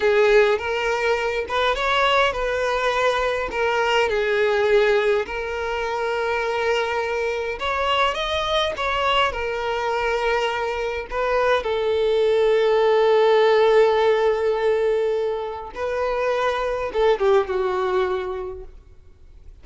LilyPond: \new Staff \with { instrumentName = "violin" } { \time 4/4 \tempo 4 = 103 gis'4 ais'4. b'8 cis''4 | b'2 ais'4 gis'4~ | gis'4 ais'2.~ | ais'4 cis''4 dis''4 cis''4 |
ais'2. b'4 | a'1~ | a'2. b'4~ | b'4 a'8 g'8 fis'2 | }